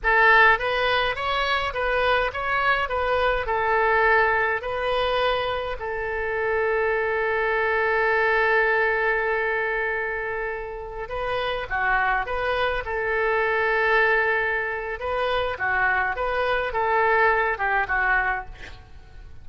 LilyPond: \new Staff \with { instrumentName = "oboe" } { \time 4/4 \tempo 4 = 104 a'4 b'4 cis''4 b'4 | cis''4 b'4 a'2 | b'2 a'2~ | a'1~ |
a'2.~ a'16 b'8.~ | b'16 fis'4 b'4 a'4.~ a'16~ | a'2 b'4 fis'4 | b'4 a'4. g'8 fis'4 | }